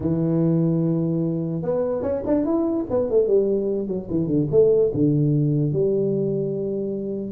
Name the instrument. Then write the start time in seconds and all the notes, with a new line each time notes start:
tuba
0.00 E3
1.62 B3
2.02 C#4
2.26 D4
2.44 E4
2.90 B3
3.10 A3
3.27 G3
3.87 F#3
4.10 E3
4.27 D3
4.51 A3
4.94 D3
5.72 G3